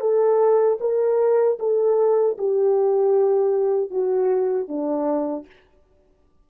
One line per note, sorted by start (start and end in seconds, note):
0.00 0.78 A4
0.80 1.58 A#4
1.59 2.37 A4
2.38 3.90 G4
3.90 4.68 F#4
4.68 5.45 D4